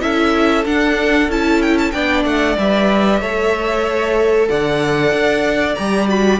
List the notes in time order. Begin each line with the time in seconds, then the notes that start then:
0.00 C#4 E4 A4 E5
0.65 D4 F#5
1.28 C#4 E4 A5
1.62 G5
1.78 A5
1.91 B3 D4 D5 G5
2.25 A3 F#5
2.58 G3 B4 E5
3.20 A3 A4 C#5
4.48 D3 D5 F#5
5.12 D4
5.75 G3 G4 A#5
6.08 F#4 B5